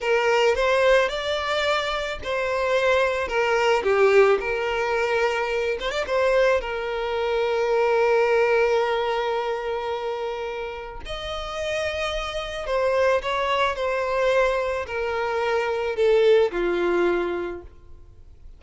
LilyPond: \new Staff \with { instrumentName = "violin" } { \time 4/4 \tempo 4 = 109 ais'4 c''4 d''2 | c''2 ais'4 g'4 | ais'2~ ais'8 c''16 d''16 c''4 | ais'1~ |
ais'1 | dis''2. c''4 | cis''4 c''2 ais'4~ | ais'4 a'4 f'2 | }